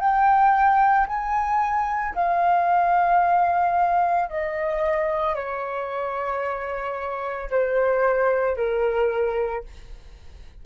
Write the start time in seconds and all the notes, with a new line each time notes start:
0.00 G5
1.08 G#5
2.15 F5
4.30 D#5
5.36 C#5
7.50 C5
8.57 A#4